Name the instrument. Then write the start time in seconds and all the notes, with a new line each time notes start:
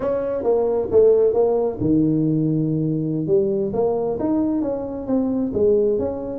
tuba
0.00 C#4
0.43 A#3
0.91 A3
1.33 A#3
1.80 D#3
3.26 G3
3.73 A#3
4.19 D#4
4.61 C#4
5.06 C4
5.53 G#3
5.98 C#4